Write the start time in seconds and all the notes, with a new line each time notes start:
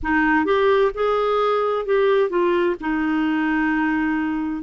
0.03 D#4
0.45 G4
0.94 G#4
1.85 G4
2.29 F4
2.80 D#4